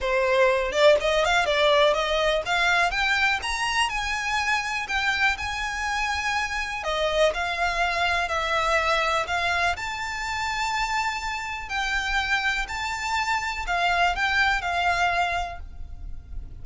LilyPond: \new Staff \with { instrumentName = "violin" } { \time 4/4 \tempo 4 = 123 c''4. d''8 dis''8 f''8 d''4 | dis''4 f''4 g''4 ais''4 | gis''2 g''4 gis''4~ | gis''2 dis''4 f''4~ |
f''4 e''2 f''4 | a''1 | g''2 a''2 | f''4 g''4 f''2 | }